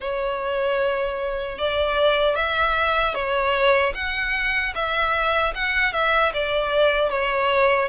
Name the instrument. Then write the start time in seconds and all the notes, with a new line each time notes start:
violin
0.00 C#5
1.58 D5
2.35 E5
3.14 C#5
3.94 F#5
4.74 E5
5.54 F#5
5.92 E5
6.33 D5
7.09 C#5